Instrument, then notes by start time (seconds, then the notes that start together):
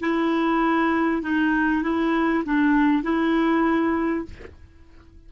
clarinet
0.00 E4
1.22 D#4
1.83 E4
2.45 D4
3.03 E4